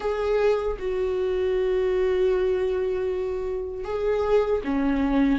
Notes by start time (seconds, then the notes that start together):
0.00 G#4
0.79 F#4
3.84 G#4
4.64 C#4